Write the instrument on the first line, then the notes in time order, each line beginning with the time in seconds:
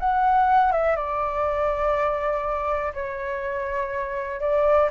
flute
0.00 F#5
0.72 E5
0.97 D5
2.94 C#5
4.41 D5